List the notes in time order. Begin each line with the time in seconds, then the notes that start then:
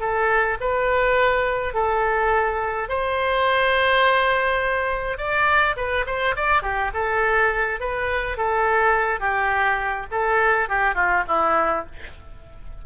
0.00 A4
0.61 B4
1.74 A4
2.89 C5
5.18 D5
5.77 B4
6.06 C5
6.36 D5
6.63 G4
6.94 A4
7.80 B4
8.37 A4
9.20 G4
10.11 A4
10.69 G4
10.95 F4
11.28 E4